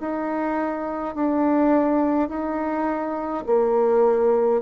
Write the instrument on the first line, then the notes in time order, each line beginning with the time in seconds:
bassoon
0.00 D#4
1.15 D4
2.29 D#4
3.46 A#3